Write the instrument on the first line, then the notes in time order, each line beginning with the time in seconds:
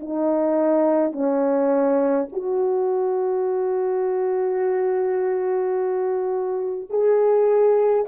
horn
0.00 D#4
1.12 C#4
2.32 F#4
6.90 G#4